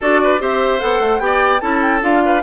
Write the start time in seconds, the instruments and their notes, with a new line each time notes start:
0.01 bassoon D4, clarinet F#4, oboe A4, flute D5
0.23 oboe B4
0.39 bassoon C4, clarinet G4, oboe C5, flute E5
0.79 bassoon B3, clarinet A4, flute F#5
0.99 bassoon A3
1.19 bassoon B3, clarinet G4, oboe D5, flute G5
1.60 bassoon C#4, clarinet E4, oboe A4, flute A5
1.81 flute G5
2.01 bassoon D4, clarinet F4, flute F5
2.25 oboe B4